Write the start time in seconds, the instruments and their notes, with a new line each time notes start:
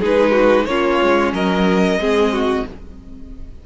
0.00 cello G#3, viola D#4, violin G#4 B4
0.32 violin F#4
0.66 cello A#3, viola C#4, violin F4 C#5
1.02 cello G#3
1.33 cello F#3, violin A#4 D#5
1.97 cello G#3, viola C4, violin G#4
2.34 violin F#4